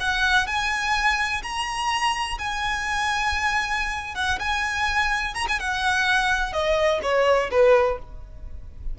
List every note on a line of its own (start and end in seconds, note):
0.00 0.47 F#5
0.47 1.42 G#5
1.43 2.38 A#5
2.38 4.15 G#5
4.15 4.39 F#5
4.39 5.34 G#5
5.34 5.46 A#5
5.48 5.60 G#5
5.60 6.53 F#5
6.53 7.00 D#5
7.03 7.50 C#5
7.51 7.98 B4